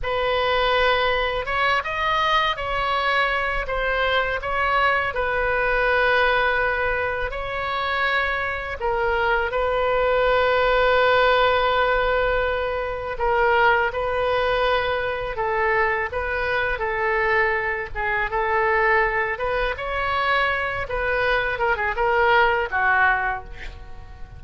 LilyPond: \new Staff \with { instrumentName = "oboe" } { \time 4/4 \tempo 4 = 82 b'2 cis''8 dis''4 cis''8~ | cis''4 c''4 cis''4 b'4~ | b'2 cis''2 | ais'4 b'2.~ |
b'2 ais'4 b'4~ | b'4 a'4 b'4 a'4~ | a'8 gis'8 a'4. b'8 cis''4~ | cis''8 b'4 ais'16 gis'16 ais'4 fis'4 | }